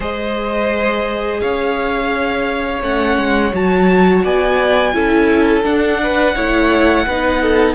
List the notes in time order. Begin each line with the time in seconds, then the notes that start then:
0.00 G#3 G#4 C5 D#5
1.40 C#4 C#5 F5
2.82 A3 C#4 F#5
3.17 G#3
3.53 F#3 F#4 A5
4.24 B3 D5 G#5
4.93 C#4 E4 A4
5.63 D4 F#5
6.03 B4
6.35 A3 E4 C#5
7.06 B3 D#4 B4
7.42 A4